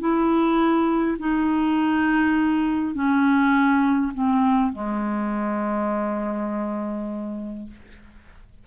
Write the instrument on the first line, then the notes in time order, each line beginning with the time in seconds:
clarinet
0.00 E4
1.19 D#4
2.95 C#4
4.14 C4
4.73 G#3